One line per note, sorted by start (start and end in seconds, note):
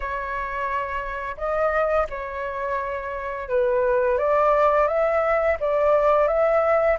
0.00 1.36 C#5
1.37 2.07 D#5
2.09 3.49 C#5
3.49 4.18 B4
4.18 4.87 D5
4.87 5.57 E5
5.60 6.27 D5
6.27 6.97 E5